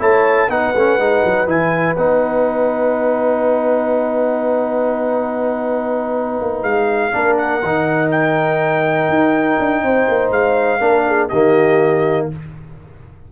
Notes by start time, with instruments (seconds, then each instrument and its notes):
0.00 tuba A3, trombone E4, horn C#5, trumpet A5
0.49 tuba B3, trombone D#4, horn B4, trumpet F#5
0.75 tuba A3, trombone C#4
0.98 tuba G#3, trombone D#4
1.25 tuba F#3
1.47 tuba E3, trombone E4, trumpet G#5
1.96 tuba B3, trombone D#4, trumpet F#5
6.41 tuba A#3
6.63 tuba G#3, trumpet F5
7.13 tuba A#3, trombone D4, horn A#4
7.38 trumpet F#5
7.63 tuba D#3, trombone D#4
8.11 trumpet G5
9.09 tuba D#4
9.59 tuba D4
9.83 tuba C4, horn C5
10.09 tuba A#3
10.31 tuba G#3, trumpet F5
10.80 tuba A#3, trombone D4, horn A#4
11.08 horn G#4
11.29 tuba D#3, trombone A#3, horn G4, trumpet D#5